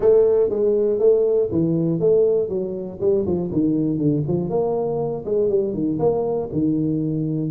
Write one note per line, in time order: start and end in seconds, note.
0.00 0.49 A3
0.49 0.99 G#3
0.99 1.49 A3
1.51 2.00 E3
2.00 2.49 A3
2.49 2.99 F#3
3.00 3.25 G3
3.25 3.50 F3
3.52 3.97 D#3
3.97 4.22 D3
4.27 4.49 F3
4.49 5.24 A#3
5.25 5.49 G#3
5.49 5.73 G3
5.73 5.98 D#3
5.99 6.49 A#3
6.52 7.50 D#3